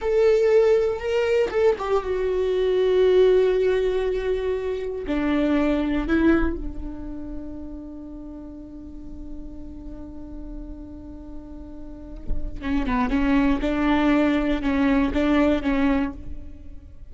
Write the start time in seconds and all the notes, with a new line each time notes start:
0.01 A4
0.99 A#4
1.50 A4
1.78 G4
2.03 F#4
5.06 D4
6.07 E4
6.56 D4
12.61 C#4
12.86 B3
13.09 C#4
13.61 D4
14.62 C#4
15.13 D4
15.62 C#4